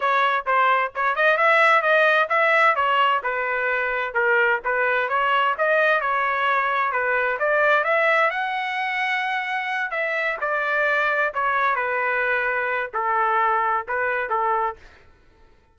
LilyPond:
\new Staff \with { instrumentName = "trumpet" } { \time 4/4 \tempo 4 = 130 cis''4 c''4 cis''8 dis''8 e''4 | dis''4 e''4 cis''4 b'4~ | b'4 ais'4 b'4 cis''4 | dis''4 cis''2 b'4 |
d''4 e''4 fis''2~ | fis''4. e''4 d''4.~ | d''8 cis''4 b'2~ b'8 | a'2 b'4 a'4 | }